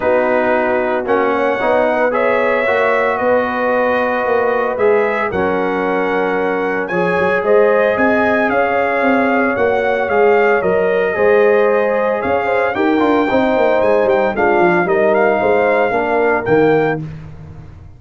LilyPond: <<
  \new Staff \with { instrumentName = "trumpet" } { \time 4/4 \tempo 4 = 113 b'2 fis''2 | e''2 dis''2~ | dis''4 e''4 fis''2~ | fis''4 gis''4 dis''4 gis''4 |
f''2 fis''4 f''4 | dis''2. f''4 | g''2 gis''8 g''8 f''4 | dis''8 f''2~ f''8 g''4 | }
  \new Staff \with { instrumentName = "horn" } { \time 4/4 fis'2~ fis'8 cis''4 b'8 | cis''2 b'2~ | b'2 ais'2~ | ais'4 cis''4 c''4 dis''4 |
cis''1~ | cis''4 c''2 cis''8 c''8 | ais'4 c''2 f'4 | ais'4 c''4 ais'2 | }
  \new Staff \with { instrumentName = "trombone" } { \time 4/4 dis'2 cis'4 dis'4 | gis'4 fis'2.~ | fis'4 gis'4 cis'2~ | cis'4 gis'2.~ |
gis'2 fis'4 gis'4 | ais'4 gis'2. | g'8 f'8 dis'2 d'4 | dis'2 d'4 ais4 | }
  \new Staff \with { instrumentName = "tuba" } { \time 4/4 b2 ais4 b4~ | b4 ais4 b2 | ais4 gis4 fis2~ | fis4 f8 fis8 gis4 c'4 |
cis'4 c'4 ais4 gis4 | fis4 gis2 cis'4 | dis'8 d'8 c'8 ais8 gis8 g8 gis8 f8 | g4 gis4 ais4 dis4 | }
>>